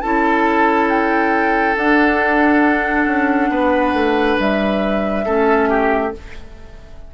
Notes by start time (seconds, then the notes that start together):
0.00 C#4 E4 A4 A5
0.89 G5
1.76 D4 F#5
3.06 C#4
3.49 B3 B4
3.93 A3
4.38 G3 E5
5.25 A3 C#4 A4
5.69 G4